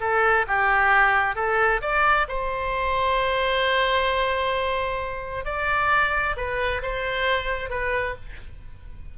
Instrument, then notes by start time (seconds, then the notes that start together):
oboe
0.00 A4
0.47 G4
1.35 A4
1.81 D5
2.28 C5
5.44 D5
6.36 B4
6.82 C5
7.69 B4